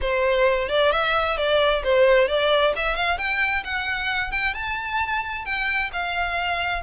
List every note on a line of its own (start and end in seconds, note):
0.01 0.68 C5
0.68 0.91 D5
0.91 1.37 E5
1.37 1.82 D5
1.83 2.28 C5
2.28 2.73 D5
2.76 2.95 E5
2.95 3.18 F5
3.18 3.63 G5
3.64 4.31 F#5
4.31 4.53 G5
4.54 5.45 A5
5.45 5.90 G5
5.93 6.82 F5